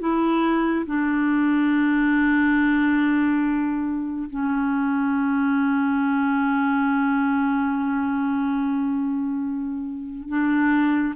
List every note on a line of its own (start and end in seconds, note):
0.00 0.86 E4
0.86 4.29 D4
4.30 10.29 C#4
10.29 11.14 D4